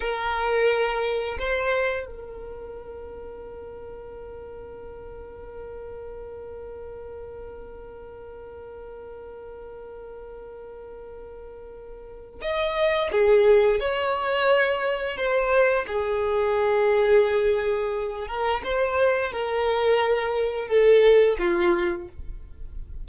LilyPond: \new Staff \with { instrumentName = "violin" } { \time 4/4 \tempo 4 = 87 ais'2 c''4 ais'4~ | ais'1~ | ais'1~ | ais'1~ |
ais'2 dis''4 gis'4 | cis''2 c''4 gis'4~ | gis'2~ gis'8 ais'8 c''4 | ais'2 a'4 f'4 | }